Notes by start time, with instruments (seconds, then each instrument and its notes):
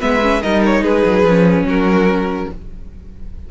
0.00 cello G#3, viola B3, violin B4 E5
0.21 viola C#4
0.41 cello G3, viola D#4, violin A#4 D#5
0.65 violin C#5
0.82 cello G#3, violin G#4 B4
1.05 cello F#3
1.23 cello F3, viola C#4
1.63 cello F#3, violin F#4 A#4